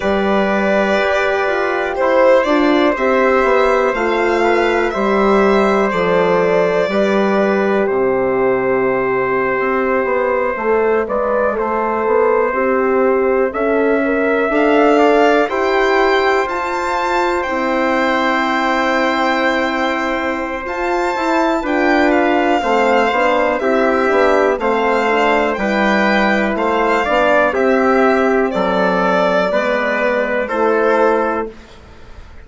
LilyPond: <<
  \new Staff \with { instrumentName = "violin" } { \time 4/4 \tempo 4 = 61 d''2 c''8 d''8 e''4 | f''4 e''4 d''2 | e''1~ | e''2~ e''8. f''4 g''16~ |
g''8. a''4 g''2~ g''16~ | g''4 a''4 g''8 f''4. | e''4 f''4 g''4 f''4 | e''4 d''2 c''4 | }
  \new Staff \with { instrumentName = "trumpet" } { \time 4/4 b'2 c''2~ | c''8 b'8 c''2 b'4 | c''2.~ c''16 d''8 c''16~ | c''4.~ c''16 e''4. d''8 c''16~ |
c''1~ | c''2 b'4 c''4 | g'4 c''4 b'4 c''8 d''8 | g'4 a'4 b'4 a'4 | }
  \new Staff \with { instrumentName = "horn" } { \time 4/4 g'2~ g'8 f'8 g'4 | f'4 g'4 a'4 g'4~ | g'2~ g'8. a'8 b'8 a'16~ | a'8. g'4 a'8 ais'8 a'4 g'16~ |
g'8. f'4 e'2~ e'16~ | e'4 f'8 e'8 f'4 c'8 d'8 | e'8 d'8 c'8 d'8 e'4. d'8 | c'2 b4 e'4 | }
  \new Staff \with { instrumentName = "bassoon" } { \time 4/4 g4 g'8 f'8 e'8 d'8 c'8 b8 | a4 g4 f4 g4 | c4.~ c16 c'8 b8 a8 gis8 a16~ | a16 b8 c'4 cis'4 d'4 e'16~ |
e'8. f'4 c'2~ c'16~ | c'4 f'8 e'8 d'4 a8 b8 | c'8 b8 a4 g4 a8 b8 | c'4 fis4 gis4 a4 | }
>>